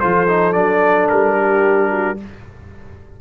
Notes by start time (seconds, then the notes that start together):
0.00 F3 F4 A4 C5
0.28 D#4
0.53 F#3 D4 D5
1.10 G3 A#4
1.37 G4
1.91 F#4